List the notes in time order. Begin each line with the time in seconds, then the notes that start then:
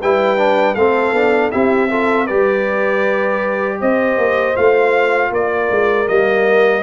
0.00 G3 E4 B4 G5
0.37 D4
0.74 A3 C4 A4 F5
1.12 B3 D4
1.51 C4 E4 G4 E5
1.89 F4 A4
2.25 G3 G4 B4 D5
3.79 C4 C5 D#5
4.17 A#3
4.55 A3 F4 F5
5.30 A#3 A#4 D5
5.70 G#3
6.06 G3 A#3 D#5